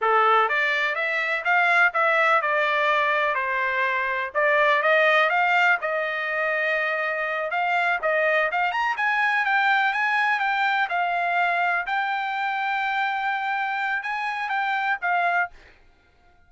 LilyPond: \new Staff \with { instrumentName = "trumpet" } { \time 4/4 \tempo 4 = 124 a'4 d''4 e''4 f''4 | e''4 d''2 c''4~ | c''4 d''4 dis''4 f''4 | dis''2.~ dis''8 f''8~ |
f''8 dis''4 f''8 ais''8 gis''4 g''8~ | g''8 gis''4 g''4 f''4.~ | f''8 g''2.~ g''8~ | g''4 gis''4 g''4 f''4 | }